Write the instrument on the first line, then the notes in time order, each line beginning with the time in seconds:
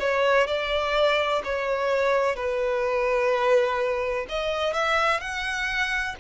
violin
0.00 C#5
0.48 D5
1.45 C#5
2.36 B4
4.29 D#5
4.74 E5
5.21 F#5